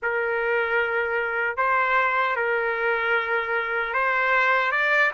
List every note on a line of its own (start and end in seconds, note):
0.02 1.56 A#4
1.56 2.35 C5
2.35 3.93 A#4
3.93 4.71 C5
4.71 5.11 D5